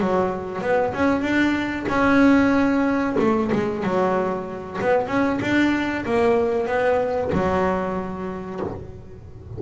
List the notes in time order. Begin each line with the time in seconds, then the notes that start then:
0.00 F#3
0.61 B3
0.94 C#4
1.21 D4
1.88 C#4
3.19 A3
3.52 G#3
3.83 F#3
4.80 B3
5.07 C#4
5.41 D4
6.05 A#3
6.66 B3
7.32 F#3